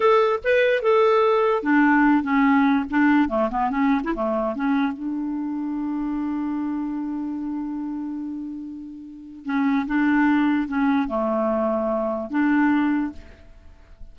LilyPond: \new Staff \with { instrumentName = "clarinet" } { \time 4/4 \tempo 4 = 146 a'4 b'4 a'2 | d'4. cis'4. d'4 | a8 b8 cis'8. e'16 a4 cis'4 | d'1~ |
d'1~ | d'2. cis'4 | d'2 cis'4 a4~ | a2 d'2 | }